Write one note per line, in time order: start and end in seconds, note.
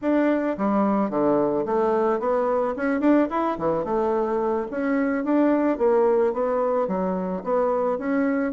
0.02 0.57 D4
0.57 1.10 G3
1.10 1.65 D3
1.65 2.19 A3
2.19 2.74 B3
2.76 3.00 C#4
3.00 3.28 D4
3.30 3.57 E4
3.58 3.84 E3
3.84 4.67 A3
4.70 5.24 C#4
5.24 5.78 D4
5.78 6.33 A#3
6.33 6.87 B3
6.87 7.42 F#3
7.43 7.98 B3
7.98 8.52 C#4